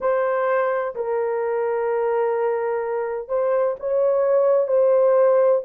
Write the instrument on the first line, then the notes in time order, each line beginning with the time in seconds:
horn
0.00 C5
0.95 A#4
3.28 C5
3.79 C#5
4.67 C5